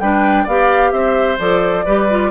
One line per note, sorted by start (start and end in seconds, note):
0.00 0.46 G3
0.00 0.48 D4
0.00 0.44 B4
0.00 0.47 G5
0.44 0.92 B3
0.44 1.38 G4
0.44 0.90 D5
0.44 0.91 F5
0.91 1.38 C4
0.91 1.85 C5
0.91 1.38 E5
1.38 1.85 F3
1.38 1.85 A4
1.38 2.30 D5
1.85 2.30 G3
1.85 2.09 G4
1.85 2.30 B4
2.10 2.30 F4